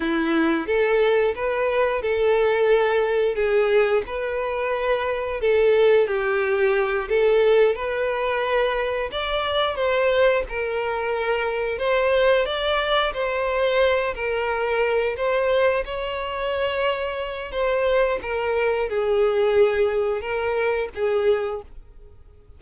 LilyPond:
\new Staff \with { instrumentName = "violin" } { \time 4/4 \tempo 4 = 89 e'4 a'4 b'4 a'4~ | a'4 gis'4 b'2 | a'4 g'4. a'4 b'8~ | b'4. d''4 c''4 ais'8~ |
ais'4. c''4 d''4 c''8~ | c''4 ais'4. c''4 cis''8~ | cis''2 c''4 ais'4 | gis'2 ais'4 gis'4 | }